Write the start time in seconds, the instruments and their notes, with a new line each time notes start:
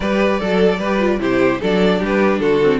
0.00 cello G3, viola G4, violin B4 D5
0.39 cello F#3, violin A4, viola A4
0.78 cello G3, viola G4, violin B4
0.99 viola F4
1.19 cello C3, viola E4, violin G4 C5
1.60 cello F#3, viola D4, violin A4 D5
1.99 cello G3, violin G4 B4
2.40 cello D3, violin F#4 A4
2.63 viola C4